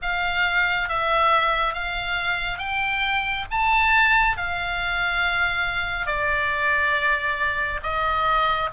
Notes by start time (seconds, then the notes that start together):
0.02 F5
0.89 E5
1.74 F5
2.58 G5
3.50 A5
4.37 F5
6.06 D5
7.83 D#5